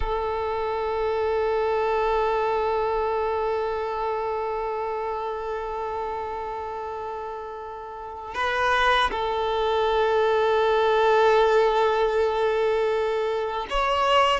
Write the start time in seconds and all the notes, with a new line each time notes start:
0.00 A4
8.34 B4
9.11 A4
13.70 C#5